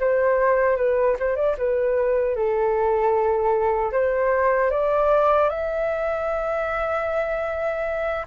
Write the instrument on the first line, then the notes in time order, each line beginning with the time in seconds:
flute
0.00 C5
0.76 B4
1.19 C5
1.36 D5
1.58 B4
2.36 A4
3.92 C5
4.70 D5
5.49 E5